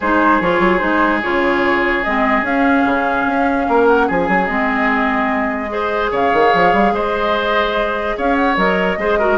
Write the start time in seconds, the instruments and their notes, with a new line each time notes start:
0.00 bassoon G#3, clarinet D#4, oboe G#4, flute C5
0.40 bassoon F3, clarinet F4, flute C#5
0.59 bassoon F#3
0.78 bassoon G#3, clarinet D#4, flute C5
1.22 bassoon C#3, clarinet F4, flute C#5
2.03 bassoon G#3, clarinet C4, flute D#5
2.42 bassoon C#4, clarinet C#4, flute F5
2.85 bassoon C#3
3.26 bassoon C#4
3.68 bassoon A#3, oboe A#4
3.87 flute F#5
4.06 bassoon F3, oboe G#4, flute G#5
4.28 bassoon F#3
4.45 bassoon G#3, clarinet C4, flute D#5
5.68 clarinet G#4, oboe C5
6.11 bassoon C#3, oboe C#5, flute F5
6.33 bassoon D#3
6.53 bassoon F3
6.73 bassoon G3
6.92 bassoon G#3, oboe C5, flute D#5
8.17 bassoon C#4, oboe C#5, flute F5
8.35 flute F#5
8.56 bassoon F#3, clarinet A#4, flute D#5
8.97 bassoon G#3, clarinet G#4, oboe C5
9.19 clarinet F#4, oboe A#4